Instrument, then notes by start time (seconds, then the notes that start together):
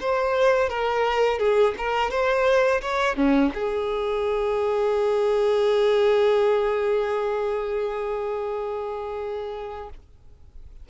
violin
0.00 C5
0.69 A#4
1.39 G#4
1.77 A#4
2.10 C5
2.81 C#5
3.16 C#4
3.54 G#4